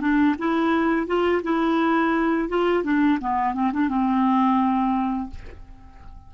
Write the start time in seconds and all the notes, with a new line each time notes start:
0.00 D4
0.38 E4
1.07 F4
1.43 E4
2.49 F4
2.83 D4
3.20 B3
3.54 C4
3.73 D4
3.89 C4